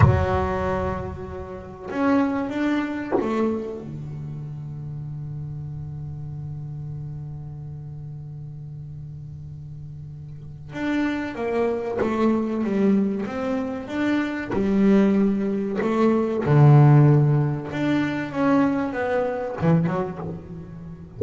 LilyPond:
\new Staff \with { instrumentName = "double bass" } { \time 4/4 \tempo 4 = 95 fis2. cis'4 | d'4 a4 d2~ | d1~ | d1~ |
d4 d'4 ais4 a4 | g4 c'4 d'4 g4~ | g4 a4 d2 | d'4 cis'4 b4 e8 fis8 | }